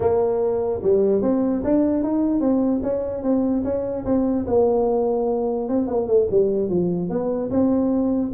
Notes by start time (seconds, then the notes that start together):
0.00 A#3
0.83 G3
1.22 C4
1.63 D4
2.03 D#4
2.40 C4
2.82 C#4
3.22 C4
3.64 C#4
4.05 C4
4.47 A#3
5.68 C4
5.87 A#3
6.07 A3
6.31 G3
6.69 F3
7.09 B3
7.50 C4